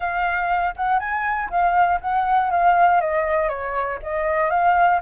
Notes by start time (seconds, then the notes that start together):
0.00 F5
0.76 F#5
0.99 G#5
1.50 F5
2.00 F#5
2.50 F5
3.00 D#5
3.49 C#5
4.02 D#5
4.50 F5